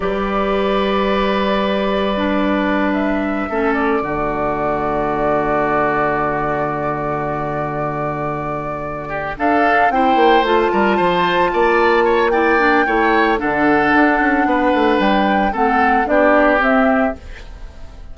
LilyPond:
<<
  \new Staff \with { instrumentName = "flute" } { \time 4/4 \tempo 4 = 112 d''1~ | d''4. e''4. d''4~ | d''1~ | d''1~ |
d''4. f''4 g''4 a''8~ | a''2. g''4~ | g''4 fis''2. | g''4 fis''4 d''4 e''4 | }
  \new Staff \with { instrumentName = "oboe" } { \time 4/4 b'1~ | b'2~ b'8 a'4 fis'8~ | fis'1~ | fis'1~ |
fis'4 g'8 a'4 c''4. | ais'8 c''4 d''4 cis''8 d''4 | cis''4 a'2 b'4~ | b'4 a'4 g'2 | }
  \new Staff \with { instrumentName = "clarinet" } { \time 4/4 g'1 | d'2~ d'8 cis'4 a8~ | a1~ | a1~ |
a4. d'4 e'4 f'8~ | f'2. e'8 d'8 | e'4 d'2.~ | d'4 c'4 d'4 c'4 | }
  \new Staff \with { instrumentName = "bassoon" } { \time 4/4 g1~ | g2~ g8 a4 d8~ | d1~ | d1~ |
d4. d'4 c'8 ais8 a8 | g8 f4 ais2~ ais8 | a4 d4 d'8 cis'8 b8 a8 | g4 a4 b4 c'4 | }
>>